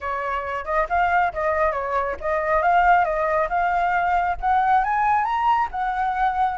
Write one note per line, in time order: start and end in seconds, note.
0.00 0.64 C#5
0.64 0.86 D#5
0.89 1.33 F5
1.33 1.72 D#5
1.72 2.15 C#5
2.20 2.62 D#5
2.62 3.04 F5
3.04 3.48 D#5
3.49 4.36 F5
4.40 4.84 F#5
4.84 5.24 G#5
5.24 5.68 A#5
5.71 6.58 F#5